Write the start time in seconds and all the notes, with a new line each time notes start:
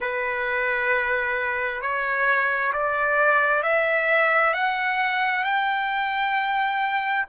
0.00 B4
1.81 C#5
2.72 D5
3.62 E5
4.53 F#5
5.44 G5